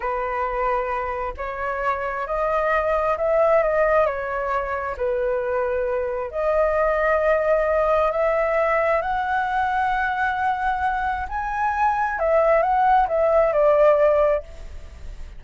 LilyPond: \new Staff \with { instrumentName = "flute" } { \time 4/4 \tempo 4 = 133 b'2. cis''4~ | cis''4 dis''2 e''4 | dis''4 cis''2 b'4~ | b'2 dis''2~ |
dis''2 e''2 | fis''1~ | fis''4 gis''2 e''4 | fis''4 e''4 d''2 | }